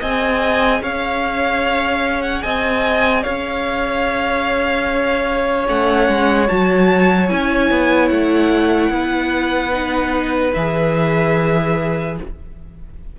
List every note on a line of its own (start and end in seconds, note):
0.00 0.80 C4
0.00 5.66 G#4
0.00 0.81 D#5
0.00 0.83 G#5
0.80 2.43 C#4
0.80 2.43 C#5
0.80 2.21 F5
2.21 2.42 F#5
2.42 3.25 C4
2.42 3.23 D#5
2.42 3.23 G#5
3.23 5.68 C#4
3.23 8.90 C#5
3.23 5.66 F5
5.66 6.08 A3
5.66 6.47 C#4
5.66 6.48 F#5
6.08 6.49 G#3
6.48 7.31 F#3
6.48 7.29 F#4
6.48 7.29 A5
7.29 7.70 C#4
7.29 9.72 E4
7.29 8.08 G#5
7.70 8.11 B3
8.08 8.90 A3
8.08 10.51 F#5
8.90 10.52 B3
8.90 12.18 B4
9.72 10.53 D#4
10.54 12.18 E3
10.54 12.19 G#4
10.54 12.16 E5